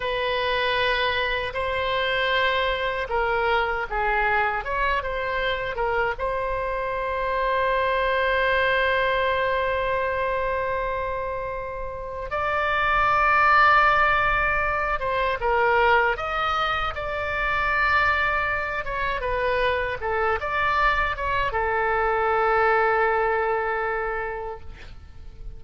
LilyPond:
\new Staff \with { instrumentName = "oboe" } { \time 4/4 \tempo 4 = 78 b'2 c''2 | ais'4 gis'4 cis''8 c''4 ais'8 | c''1~ | c''1 |
d''2.~ d''8 c''8 | ais'4 dis''4 d''2~ | d''8 cis''8 b'4 a'8 d''4 cis''8 | a'1 | }